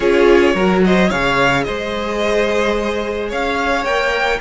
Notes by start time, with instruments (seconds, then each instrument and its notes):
0.00 cello C#4, viola F4, violin G#4 C#5
0.54 cello F#3, viola F#4, violin A#4
0.84 violin C5 D#5
1.09 cello C#3, viola G#4, violin C#5 F5
1.63 cello G#3, violin C5 D#5
3.29 cello C#4, violin C#5 F5
3.84 cello A#3, viola A#4, violin G5